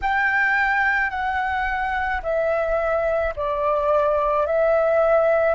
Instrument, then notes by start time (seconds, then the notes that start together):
flute
0.02 G5
1.10 F#5
2.22 E5
3.36 D5
4.46 E5